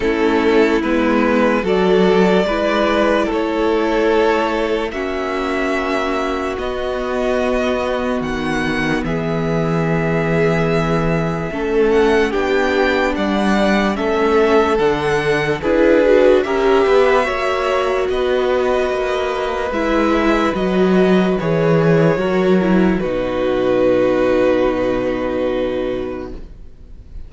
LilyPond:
<<
  \new Staff \with { instrumentName = "violin" } { \time 4/4 \tempo 4 = 73 a'4 b'4 d''2 | cis''2 e''2 | dis''2 fis''4 e''4~ | e''2~ e''8 fis''8 g''4 |
fis''4 e''4 fis''4 b'4 | e''2 dis''2 | e''4 dis''4 cis''2 | b'1 | }
  \new Staff \with { instrumentName = "violin" } { \time 4/4 e'2 a'4 b'4 | a'2 fis'2~ | fis'2. gis'4~ | gis'2 a'4 g'4 |
d''4 a'2 gis'4 | ais'8 b'8 cis''4 b'2~ | b'2. ais'4 | fis'1 | }
  \new Staff \with { instrumentName = "viola" } { \time 4/4 cis'4 b4 fis'4 e'4~ | e'2 cis'2 | b1~ | b2 cis'4 d'4~ |
d'4 cis'4 d'4 e'8 fis'8 | g'4 fis'2. | e'4 fis'4 gis'4 fis'8 e'8 | dis'1 | }
  \new Staff \with { instrumentName = "cello" } { \time 4/4 a4 gis4 fis4 gis4 | a2 ais2 | b2 dis4 e4~ | e2 a4 b4 |
g4 a4 d4 d'4 | cis'8 b8 ais4 b4 ais4 | gis4 fis4 e4 fis4 | b,1 | }
>>